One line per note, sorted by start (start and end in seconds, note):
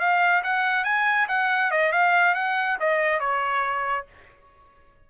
0.00 0.43 F5
0.44 0.84 F#5
0.84 1.28 G#5
1.29 1.71 F#5
1.71 1.93 D#5
1.93 2.35 F5
2.35 2.78 F#5
2.80 3.20 D#5
3.20 4.07 C#5